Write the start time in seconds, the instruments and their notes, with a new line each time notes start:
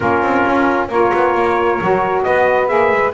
0.00 double bass A#3, saxophone C#4 F4, trumpet A#4
0.22 double bass C4
0.45 double bass C#4
0.88 double bass A#3, saxophone F4 A#4, trumpet C#5
1.13 double bass B3
1.34 double bass A#3
1.81 double bass F#3, saxophone F#4
2.22 double bass B3, saxophone B4, trumpet D#5
2.67 double bass A#3, saxophone G#4, trumpet E5
2.91 double bass G#3